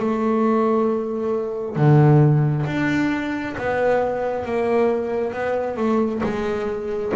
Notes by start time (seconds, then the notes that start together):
0.00 A3
1.77 D3
2.66 D4
3.58 B3
4.46 A#3
5.34 B3
5.77 A3
6.24 G#3